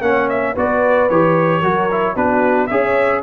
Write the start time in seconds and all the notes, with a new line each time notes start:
0.00 A#3 C#4 C#5 F#5
0.29 E5
0.53 B3 F#4 B4 D5
1.09 E3 G4 C#5
1.60 F#3 F#4 A#4
1.91 E4
2.15 B3 D4 F#4 B4
2.67 C#4 G#4 C#5 E5